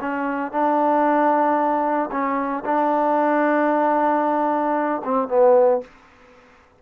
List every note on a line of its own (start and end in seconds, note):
0.00 0.51 C#4
0.51 2.09 D4
2.11 2.63 C#4
2.64 5.01 D4
5.04 5.28 C4
5.28 5.80 B3